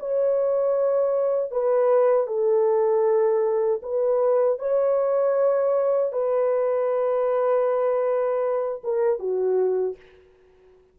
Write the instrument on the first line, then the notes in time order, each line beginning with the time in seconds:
horn
0.00 C#5
1.52 B4
2.27 A4
3.83 B4
4.59 C#5
6.13 B4
8.84 A#4
9.20 F#4